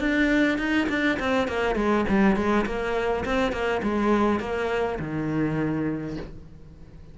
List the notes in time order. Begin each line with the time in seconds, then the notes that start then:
0.00 D4
0.58 D#4
0.89 D4
1.20 C4
1.48 A#3
1.76 G#3
2.09 G3
2.36 G#3
2.66 A#3
3.25 C4
3.52 A#3
3.83 G#3
4.40 A#3
5.00 D#3